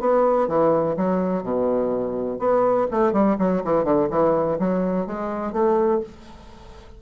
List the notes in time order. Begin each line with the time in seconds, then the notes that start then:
0.00 B3
0.48 E3
0.96 F#3
1.43 B2
2.39 B3
2.91 A3
3.12 G3
3.38 F#3
3.64 E3
3.84 D3
4.10 E3
4.59 F#3
5.07 G#3
5.52 A3